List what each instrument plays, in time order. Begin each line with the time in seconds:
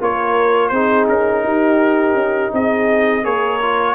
0.00 tuba A#3, trombone F4, horn A#4, trumpet C#5
0.69 tuba C4, trombone D#4, horn G#4, trumpet C5
1.09 tuba C#4, trumpet A#4
1.43 tuba D#4, horn G4
2.14 tuba C#4
2.53 tuba C4, horn G#4, trumpet D#5
3.24 tuba A#3, trombone G#4, horn A#4, trumpet C#5
3.62 trombone F4